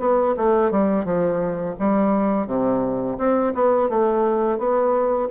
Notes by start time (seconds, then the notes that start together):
0.00 B3
0.38 A3
0.72 G3
1.05 F3
1.80 G3
2.47 C3
3.18 C4
3.55 B3
3.90 A3
4.59 B3